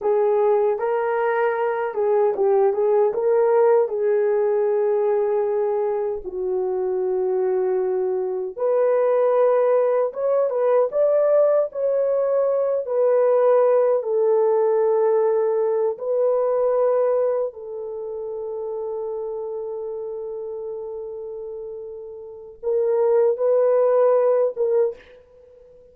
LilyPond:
\new Staff \with { instrumentName = "horn" } { \time 4/4 \tempo 4 = 77 gis'4 ais'4. gis'8 g'8 gis'8 | ais'4 gis'2. | fis'2. b'4~ | b'4 cis''8 b'8 d''4 cis''4~ |
cis''8 b'4. a'2~ | a'8 b'2 a'4.~ | a'1~ | a'4 ais'4 b'4. ais'8 | }